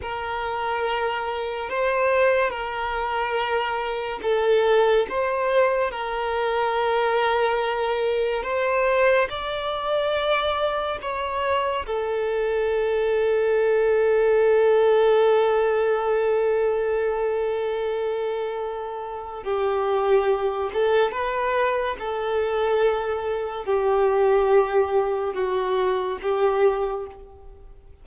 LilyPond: \new Staff \with { instrumentName = "violin" } { \time 4/4 \tempo 4 = 71 ais'2 c''4 ais'4~ | ais'4 a'4 c''4 ais'4~ | ais'2 c''4 d''4~ | d''4 cis''4 a'2~ |
a'1~ | a'2. g'4~ | g'8 a'8 b'4 a'2 | g'2 fis'4 g'4 | }